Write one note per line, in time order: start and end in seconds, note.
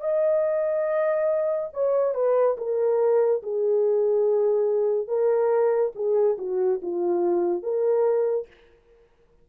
0.00 1.69 D#5
1.73 2.14 C#5
2.14 2.57 B4
2.57 3.42 A#4
3.43 5.07 G#4
5.07 5.92 A#4
5.95 6.37 G#4
6.38 6.80 F#4
6.82 7.63 F4
7.63 8.47 A#4